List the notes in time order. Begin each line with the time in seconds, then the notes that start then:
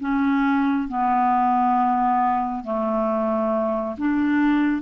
0.00 C#4
0.88 B3
2.64 A3
3.97 D4